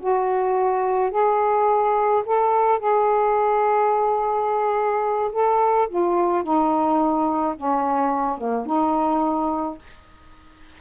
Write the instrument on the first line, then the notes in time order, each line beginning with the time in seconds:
saxophone
0.00 F#4
1.11 G#4
2.25 A4
2.79 G#4
5.32 A4
5.89 F4
6.43 D#4
7.56 C#4
8.38 A#3
8.66 D#4